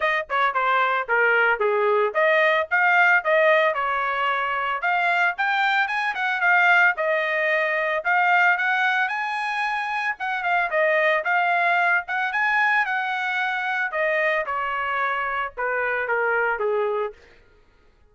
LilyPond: \new Staff \with { instrumentName = "trumpet" } { \time 4/4 \tempo 4 = 112 dis''8 cis''8 c''4 ais'4 gis'4 | dis''4 f''4 dis''4 cis''4~ | cis''4 f''4 g''4 gis''8 fis''8 | f''4 dis''2 f''4 |
fis''4 gis''2 fis''8 f''8 | dis''4 f''4. fis''8 gis''4 | fis''2 dis''4 cis''4~ | cis''4 b'4 ais'4 gis'4 | }